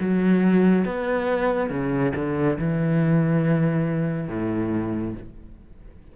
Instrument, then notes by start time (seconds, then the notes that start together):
cello
0.00 F#3
0.85 B3
1.69 C#3
2.15 D3
2.58 E3
4.28 A2